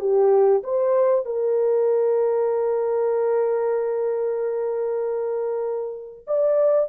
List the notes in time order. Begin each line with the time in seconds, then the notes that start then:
0.00 G4
0.63 C5
1.25 A#4
6.27 D5